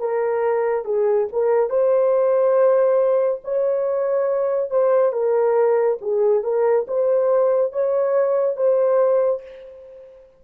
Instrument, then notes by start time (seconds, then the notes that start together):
horn
0.00 A#4
0.85 G#4
1.33 A#4
1.70 C5
3.44 C#5
4.71 C5
5.13 A#4
6.02 G#4
6.44 A#4
6.88 C5
7.73 C#5
8.57 C5